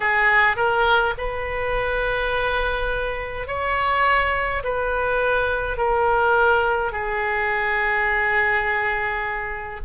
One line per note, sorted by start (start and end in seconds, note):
0.00 0.56 G#4
0.56 1.14 A#4
1.17 3.47 B4
3.47 4.62 C#5
4.63 5.77 B4
5.77 6.92 A#4
6.92 9.80 G#4